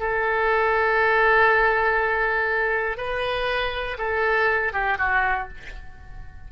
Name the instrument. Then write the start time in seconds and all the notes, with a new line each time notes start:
oboe
0.00 A4
2.97 B4
3.99 A4
4.73 G4
4.98 F#4